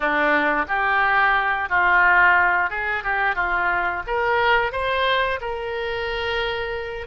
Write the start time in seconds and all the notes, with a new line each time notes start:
0.00 D4
0.67 G4
1.69 F4
2.70 G#4
3.03 G4
3.35 F4
4.06 A#4
4.72 C5
5.41 A#4